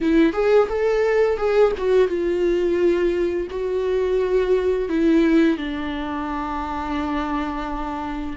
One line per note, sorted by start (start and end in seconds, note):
0.00 0.33 E4
0.33 0.68 G#4
0.68 1.37 A4
1.37 1.72 G#4
1.77 2.07 F#4
2.07 3.47 F4
3.50 4.88 F#4
4.88 5.57 E4
5.57 8.36 D4